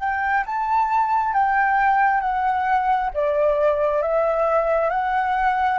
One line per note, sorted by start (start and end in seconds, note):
0.00 0.45 G5
0.46 1.34 A5
1.34 2.21 G5
2.21 3.10 F#5
3.14 4.03 D5
4.03 4.90 E5
4.90 5.79 F#5